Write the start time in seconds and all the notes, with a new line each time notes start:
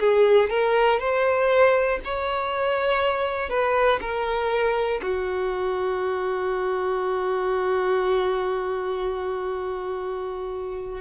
0.00 G#4
0.50 A#4
1.00 C5
2.05 C#5
3.50 B4
4.01 A#4
5.02 F#4